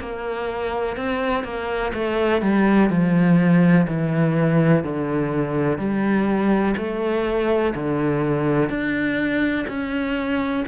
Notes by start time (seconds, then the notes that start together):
0.00 A#3
0.97 C4
1.44 A#3
1.94 A3
2.41 G3
2.90 F3
3.88 E3
4.84 D3
5.78 G3
6.77 A3
7.75 D3
8.69 D4
9.68 C#4